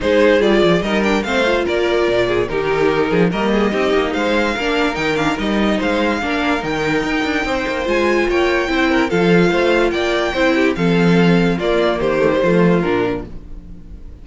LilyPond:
<<
  \new Staff \with { instrumentName = "violin" } { \time 4/4 \tempo 4 = 145 c''4 d''4 dis''8 g''8 f''4 | d''2 ais'2 | dis''2 f''2 | g''8 f''8 dis''4 f''2 |
g''2. gis''4 | g''2 f''2 | g''2 f''2 | d''4 c''2 ais'4 | }
  \new Staff \with { instrumentName = "violin" } { \time 4/4 gis'2 ais'4 c''4 | ais'4. gis'8 g'4. gis'8 | ais'8 gis'8 g'4 c''4 ais'4~ | ais'2 c''4 ais'4~ |
ais'2 c''2 | cis''4 c''8 ais'8 a'4 c''4 | d''4 c''8 g'8 a'2 | f'4 g'4 f'2 | }
  \new Staff \with { instrumentName = "viola" } { \time 4/4 dis'4 f'4 dis'8 d'8 c'8 f'8~ | f'2 dis'2 | ais4 dis'2 d'4 | dis'8 d'8 dis'2 d'4 |
dis'2. f'4~ | f'4 e'4 f'2~ | f'4 e'4 c'2 | ais4. a16 g16 a4 d'4 | }
  \new Staff \with { instrumentName = "cello" } { \time 4/4 gis4 g8 f8 g4 a4 | ais4 ais,4 dis4. f8 | g4 c'8 ais8 gis4 ais4 | dis4 g4 gis4 ais4 |
dis4 dis'8 d'8 c'8 ais8 gis4 | ais4 c'4 f4 a4 | ais4 c'4 f2 | ais4 dis4 f4 ais,4 | }
>>